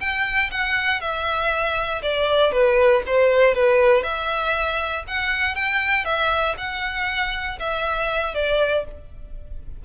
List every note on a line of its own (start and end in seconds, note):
0.00 0.50 G5
0.51 1.01 F#5
1.01 2.02 E5
2.02 2.52 D5
2.52 3.03 B4
3.06 3.54 C5
3.54 4.03 B4
4.03 5.04 E5
5.08 5.55 F#5
5.55 6.05 G5
6.05 6.55 E5
6.58 7.59 F#5
7.59 8.34 E5
8.34 8.85 D5